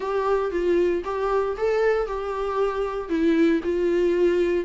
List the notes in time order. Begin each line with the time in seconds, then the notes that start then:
0.00 G4
0.51 F4
1.04 G4
1.57 A4
2.06 G4
3.09 E4
3.63 F4